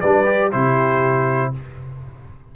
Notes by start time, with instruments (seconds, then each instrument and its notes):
0.00 tuba G3, trombone D4, horn B4, trumpet D5
0.25 trombone G4
0.51 tuba C3, trombone E4, horn G4, trumpet C5